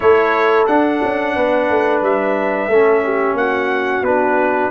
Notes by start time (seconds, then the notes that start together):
0.00 A3 E4 A4 C#5
0.66 D4 F#5
1.03 C#4
1.35 B3 B4
1.69 A3
2.02 G3 E5
2.68 A3 C#4 A4
3.04 G4
3.33 A#3 F#4 F#5
4.02 B3 D4 B4